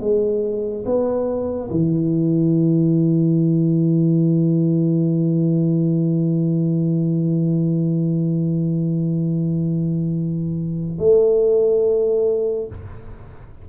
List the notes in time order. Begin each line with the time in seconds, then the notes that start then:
0.00 G#3
0.85 B3
1.71 E3
10.99 A3